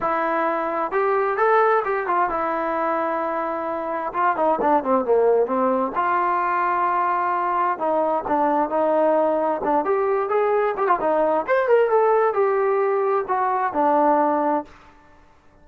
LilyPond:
\new Staff \with { instrumentName = "trombone" } { \time 4/4 \tempo 4 = 131 e'2 g'4 a'4 | g'8 f'8 e'2.~ | e'4 f'8 dis'8 d'8 c'8 ais4 | c'4 f'2.~ |
f'4 dis'4 d'4 dis'4~ | dis'4 d'8 g'4 gis'4 g'16 f'16 | dis'4 c''8 ais'8 a'4 g'4~ | g'4 fis'4 d'2 | }